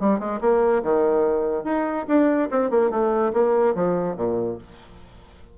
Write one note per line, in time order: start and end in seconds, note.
0.00 0.20 G3
0.20 0.40 G#3
0.41 0.83 A#3
0.84 1.64 D#3
1.64 2.06 D#4
2.08 2.50 D4
2.51 2.71 C4
2.71 2.91 A#3
2.91 3.32 A3
3.33 3.75 A#3
3.75 4.17 F3
4.17 4.58 A#2